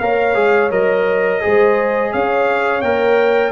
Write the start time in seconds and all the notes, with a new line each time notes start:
0.00 A#3 A#4 C#5 F5
0.35 G#3 G#4
0.71 F#3 A#4 D#5
1.41 G#3 G#4 C5
2.12 C#4 C#5 F5
2.82 A#3 A#4 G5